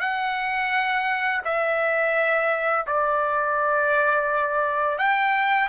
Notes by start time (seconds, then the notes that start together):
0.00 F#5
1.44 E5
2.87 D5
4.98 G5